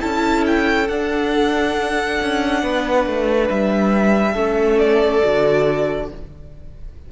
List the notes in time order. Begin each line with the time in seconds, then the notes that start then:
0.00 C#4 E4 A4 A5
0.46 G5
0.88 D4 F#5
2.21 C#4
2.62 B3 B4
3.06 A3
3.49 G3 E5
4.32 A3 C#4 A4
4.78 D5
5.22 D3 F#4